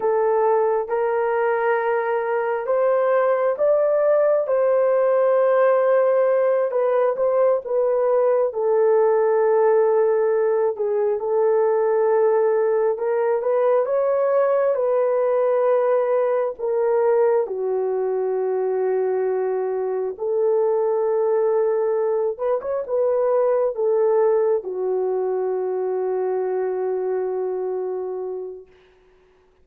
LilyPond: \new Staff \with { instrumentName = "horn" } { \time 4/4 \tempo 4 = 67 a'4 ais'2 c''4 | d''4 c''2~ c''8 b'8 | c''8 b'4 a'2~ a'8 | gis'8 a'2 ais'8 b'8 cis''8~ |
cis''8 b'2 ais'4 fis'8~ | fis'2~ fis'8 a'4.~ | a'4 b'16 cis''16 b'4 a'4 fis'8~ | fis'1 | }